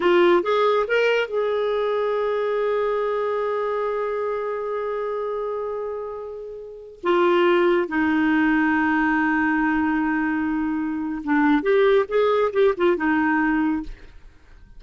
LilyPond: \new Staff \with { instrumentName = "clarinet" } { \time 4/4 \tempo 4 = 139 f'4 gis'4 ais'4 gis'4~ | gis'1~ | gis'1~ | gis'1~ |
gis'16 f'2 dis'4.~ dis'16~ | dis'1~ | dis'2 d'4 g'4 | gis'4 g'8 f'8 dis'2 | }